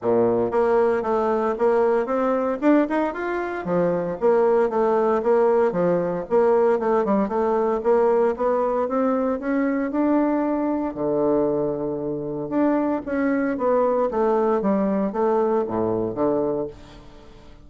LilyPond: \new Staff \with { instrumentName = "bassoon" } { \time 4/4 \tempo 4 = 115 ais,4 ais4 a4 ais4 | c'4 d'8 dis'8 f'4 f4 | ais4 a4 ais4 f4 | ais4 a8 g8 a4 ais4 |
b4 c'4 cis'4 d'4~ | d'4 d2. | d'4 cis'4 b4 a4 | g4 a4 a,4 d4 | }